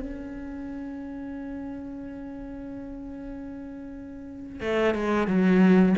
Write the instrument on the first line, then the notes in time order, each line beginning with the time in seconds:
cello
0.00 C#4
4.60 A3
4.94 G#3
5.27 F#3